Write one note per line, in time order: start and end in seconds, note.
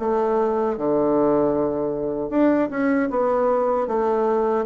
0.00 0.78 A3
0.78 2.30 D3
2.30 2.69 D4
2.71 3.10 C#4
3.11 3.88 B3
3.88 4.66 A3